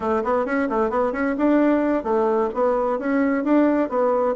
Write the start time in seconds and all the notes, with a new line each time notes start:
0.00 A3
0.24 B3
0.45 C#4
0.69 A3
0.90 B3
1.12 C#4
1.37 D4
2.03 A3
2.54 B3
2.99 C#4
3.44 D4
3.89 B3